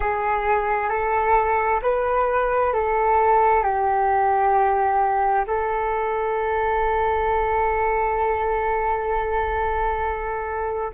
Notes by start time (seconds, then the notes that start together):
0.00 G#4
0.89 A4
1.82 B4
2.73 A4
3.63 G4
5.47 A4